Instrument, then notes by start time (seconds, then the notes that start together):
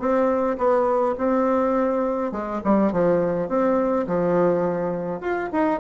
bassoon
0.00 C4
0.58 B3
1.19 C4
2.32 G#3
2.65 G3
2.93 F3
3.49 C4
4.08 F3
5.21 F4
5.53 D#4